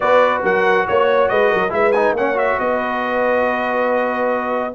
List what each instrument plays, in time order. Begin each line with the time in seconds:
0.00 tuba B3, trombone F#4, horn B4, trumpet D5
0.42 tuba F#3, horn A#4, trumpet F#5
0.87 tuba A#3, trumpet C#5, horn C#5
1.28 tuba G#3, horn B4, trumpet D#5
1.50 tuba F#3, horn A#4
1.69 tuba G#3, trombone E4, horn B4, trumpet E5
1.92 trombone D#4, trumpet G#5
2.12 tuba A#3, horn C#5, trumpet F#5
2.18 trombone C#4
2.34 trombone F#4, trumpet E5
2.58 tuba B3, horn B4, trumpet D#5